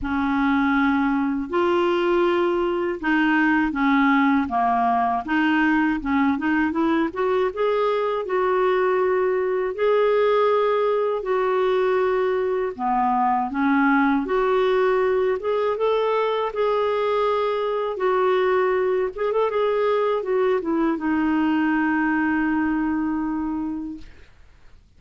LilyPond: \new Staff \with { instrumentName = "clarinet" } { \time 4/4 \tempo 4 = 80 cis'2 f'2 | dis'4 cis'4 ais4 dis'4 | cis'8 dis'8 e'8 fis'8 gis'4 fis'4~ | fis'4 gis'2 fis'4~ |
fis'4 b4 cis'4 fis'4~ | fis'8 gis'8 a'4 gis'2 | fis'4. gis'16 a'16 gis'4 fis'8 e'8 | dis'1 | }